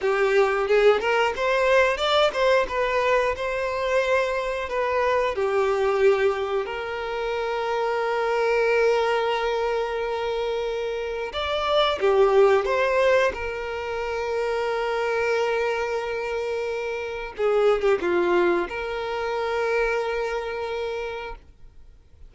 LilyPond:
\new Staff \with { instrumentName = "violin" } { \time 4/4 \tempo 4 = 90 g'4 gis'8 ais'8 c''4 d''8 c''8 | b'4 c''2 b'4 | g'2 ais'2~ | ais'1~ |
ais'4 d''4 g'4 c''4 | ais'1~ | ais'2 gis'8. g'16 f'4 | ais'1 | }